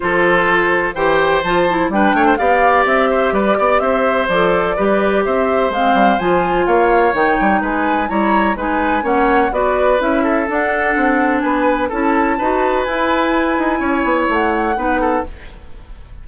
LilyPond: <<
  \new Staff \with { instrumentName = "flute" } { \time 4/4 \tempo 4 = 126 c''2 g''4 a''4 | g''4 f''4 e''4 d''4 | e''4 d''2 e''4 | f''4 gis''4 f''4 g''4 |
gis''4 ais''4 gis''4 fis''4 | d''4 e''4 fis''2 | gis''4 a''2 gis''4~ | gis''2 fis''2 | }
  \new Staff \with { instrumentName = "oboe" } { \time 4/4 a'2 c''2 | b'8 cis''16 c''16 d''4. c''8 b'8 d''8 | c''2 b'4 c''4~ | c''2 cis''2 |
b'4 cis''4 b'4 cis''4 | b'4. a'2~ a'8 | b'4 a'4 b'2~ | b'4 cis''2 b'8 a'8 | }
  \new Staff \with { instrumentName = "clarinet" } { \time 4/4 f'2 g'4 f'8 e'8 | d'4 g'2.~ | g'4 a'4 g'2 | c'4 f'2 dis'4~ |
dis'4 e'4 dis'4 cis'4 | fis'4 e'4 d'2~ | d'4 e'4 fis'4 e'4~ | e'2. dis'4 | }
  \new Staff \with { instrumentName = "bassoon" } { \time 4/4 f2 e4 f4 | g8 a8 b4 c'4 g8 b8 | c'4 f4 g4 c'4 | gis8 g8 f4 ais4 dis8 g8 |
gis4 g4 gis4 ais4 | b4 cis'4 d'4 c'4 | b4 cis'4 dis'4 e'4~ | e'8 dis'8 cis'8 b8 a4 b4 | }
>>